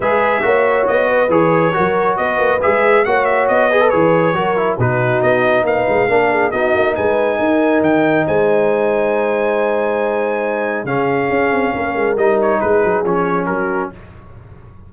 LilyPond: <<
  \new Staff \with { instrumentName = "trumpet" } { \time 4/4 \tempo 4 = 138 e''2 dis''4 cis''4~ | cis''4 dis''4 e''4 fis''8 e''8 | dis''4 cis''2 b'4 | dis''4 f''2 dis''4 |
gis''2 g''4 gis''4~ | gis''1~ | gis''4 f''2. | dis''8 cis''8 b'4 cis''4 ais'4 | }
  \new Staff \with { instrumentName = "horn" } { \time 4/4 b'4 cis''4. b'4. | ais'4 b'2 cis''4~ | cis''8 b'4. ais'4 fis'4~ | fis'4 b'4 ais'8 gis'8 fis'4 |
b'4 ais'2 c''4~ | c''1~ | c''4 gis'2 ais'4~ | ais'4 gis'2 fis'4 | }
  \new Staff \with { instrumentName = "trombone" } { \time 4/4 gis'4 fis'2 gis'4 | fis'2 gis'4 fis'4~ | fis'8 gis'16 a'16 gis'4 fis'8 e'8 dis'4~ | dis'2 d'4 dis'4~ |
dis'1~ | dis'1~ | dis'4 cis'2. | dis'2 cis'2 | }
  \new Staff \with { instrumentName = "tuba" } { \time 4/4 gis4 ais4 b4 e4 | fis4 b8 ais8 gis4 ais4 | b4 e4 fis4 b,4 | b4 ais8 gis8 ais4 b8 ais8 |
gis4 dis'4 dis4 gis4~ | gis1~ | gis4 cis4 cis'8 c'8 ais8 gis8 | g4 gis8 fis8 f4 fis4 | }
>>